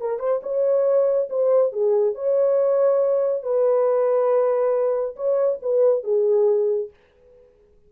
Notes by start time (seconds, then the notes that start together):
0.00 A#4
0.19 C5
0.43 C#5
1.30 C5
1.72 G#4
2.15 C#5
3.43 B4
5.16 C#5
5.62 B4
6.04 G#4